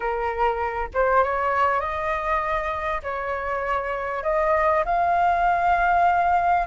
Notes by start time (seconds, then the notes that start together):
0.00 A#4
0.94 C5
1.23 C#5
1.80 D#5
3.02 C#5
4.23 D#5
4.85 F5